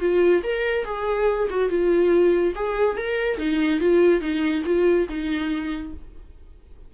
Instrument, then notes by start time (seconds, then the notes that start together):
viola
0.00 F4
0.43 A#4
0.85 G#4
1.50 F#4
1.69 F4
2.55 G#4
2.97 A#4
3.38 D#4
3.80 F4
4.20 D#4
4.65 F4
5.09 D#4